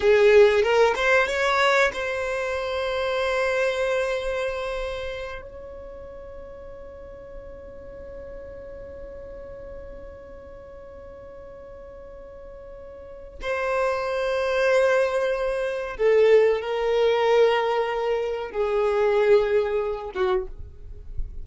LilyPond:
\new Staff \with { instrumentName = "violin" } { \time 4/4 \tempo 4 = 94 gis'4 ais'8 c''8 cis''4 c''4~ | c''1~ | c''8 cis''2.~ cis''8~ | cis''1~ |
cis''1~ | cis''4 c''2.~ | c''4 a'4 ais'2~ | ais'4 gis'2~ gis'8 fis'8 | }